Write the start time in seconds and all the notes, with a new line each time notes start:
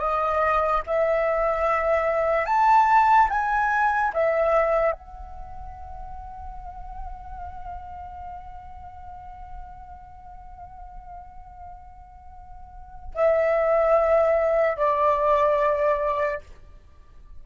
0.00 D#5
0.87 E5
2.46 A5
3.30 G#5
4.14 E5
4.92 F#5
13.15 E5
14.77 D5